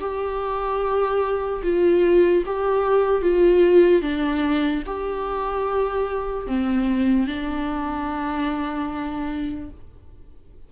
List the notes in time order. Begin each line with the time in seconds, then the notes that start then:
0.00 G4
1.63 F4
2.45 G4
3.22 F4
4.02 D4
4.86 G4
6.47 C4
7.27 D4